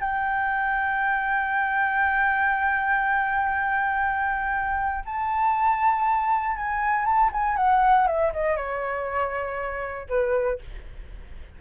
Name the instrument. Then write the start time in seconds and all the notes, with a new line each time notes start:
flute
0.00 G5
5.05 A5
6.57 G#5
7.05 A5
7.32 G#5
7.57 F#5
8.07 E5
8.33 D#5
8.56 C#5
10.09 B4